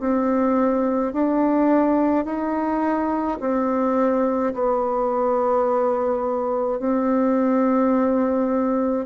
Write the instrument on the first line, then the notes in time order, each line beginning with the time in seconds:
bassoon
0.00 C4
1.14 D4
2.25 D#4
3.41 C4
4.54 B3
6.80 C4